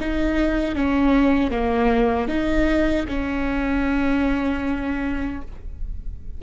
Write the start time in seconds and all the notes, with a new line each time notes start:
0.00 D#4
0.75 C#4
1.51 A#3
2.28 D#4
3.08 C#4